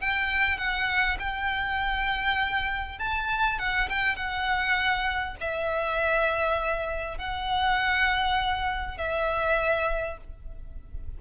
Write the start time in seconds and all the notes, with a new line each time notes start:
0.00 G5
0.57 F#5
1.19 G5
2.99 A5
3.58 F#5
3.89 G5
4.16 F#5
5.40 E5
7.18 F#5
8.97 E5